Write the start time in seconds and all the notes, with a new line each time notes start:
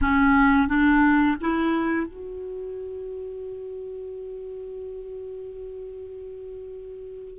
0.01 C#4
0.67 D4
1.40 E4
2.07 F#4